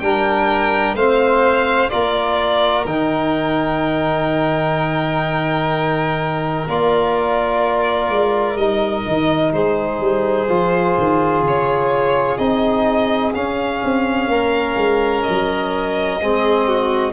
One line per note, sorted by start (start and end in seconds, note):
0.00 0.95 G3
0.00 0.97 D4
0.00 0.96 A#4
0.00 0.95 G5
0.95 1.90 A3
0.95 1.91 C4
0.95 1.91 C5
0.95 1.90 F5
1.90 2.86 A#3
1.90 2.86 F4
1.90 9.55 A#4
1.90 2.85 D5
2.86 6.67 D#3
2.86 6.68 D#4
2.86 6.68 G5
6.68 8.09 A#3
6.68 8.59 F4
6.68 8.57 D5
8.09 8.56 G#3
8.56 9.04 G3
8.56 10.49 D#4
8.56 9.52 D#5
9.08 9.53 D#3
9.53 10.00 G#3
9.53 14.31 G#4
9.53 11.43 C5
10.00 10.48 G3
10.49 10.97 F3
10.49 12.38 F4
10.98 11.42 D#3
11.42 12.37 C#3
11.42 12.38 C#5
12.38 13.34 C4
12.38 13.34 D#4
12.38 13.33 D#5
13.35 16.20 C#4
13.35 13.84 C#4
13.35 15.23 F5
13.85 14.28 C4
14.28 14.75 A#3
14.28 16.22 A#4
14.76 15.24 G#3
15.23 17.13 D#5
15.29 16.21 F#3
16.21 17.13 G#3
16.21 17.13 C4
16.21 16.68 G#4
16.68 17.13 F#4